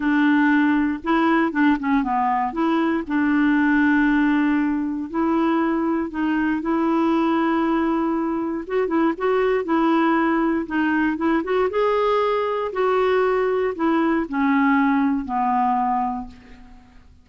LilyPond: \new Staff \with { instrumentName = "clarinet" } { \time 4/4 \tempo 4 = 118 d'2 e'4 d'8 cis'8 | b4 e'4 d'2~ | d'2 e'2 | dis'4 e'2.~ |
e'4 fis'8 e'8 fis'4 e'4~ | e'4 dis'4 e'8 fis'8 gis'4~ | gis'4 fis'2 e'4 | cis'2 b2 | }